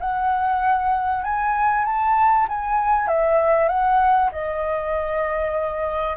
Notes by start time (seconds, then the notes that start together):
0.00 F#5
1.24 G#5
1.85 A5
2.48 G#5
3.08 E5
3.68 F#5
4.32 D#5